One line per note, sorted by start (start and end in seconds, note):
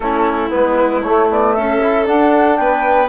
0.00 0.49 A3
0.00 0.50 C#4
0.00 1.55 E4
0.00 0.50 A4
0.50 1.05 G#3
0.50 1.01 B3
0.50 1.02 B4
1.02 1.81 A3
1.02 1.29 A3
1.02 1.28 C#5
1.29 1.55 B3
1.29 1.54 D5
1.54 2.08 C#4
1.54 2.59 A4
1.54 2.05 E5
1.81 2.05 E4
2.05 3.08 D4
2.05 2.58 D4
2.05 2.56 F#5
2.56 3.08 B3
2.56 3.08 B4
2.56 3.08 G5